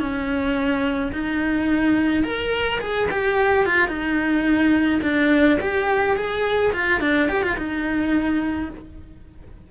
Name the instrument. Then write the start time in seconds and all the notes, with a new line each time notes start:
cello
0.00 C#4
1.12 D#4
2.24 A#4
2.80 G#4
3.11 G4
3.66 F4
3.88 D#4
5.03 D4
5.60 G4
6.16 G#4
6.73 F4
7.01 D4
7.29 G4
7.43 F4
7.58 D#4